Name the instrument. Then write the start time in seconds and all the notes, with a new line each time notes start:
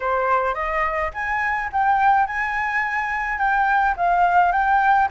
flute
0.00 C5
0.54 D#5
1.13 G#5
1.72 G5
2.26 G#5
3.38 G5
3.96 F5
4.51 G5